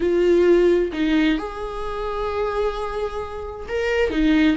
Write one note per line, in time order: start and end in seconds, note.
0.00 0.91 F4
0.93 1.37 D#4
1.37 3.66 G#4
3.68 4.10 A#4
4.10 4.56 D#4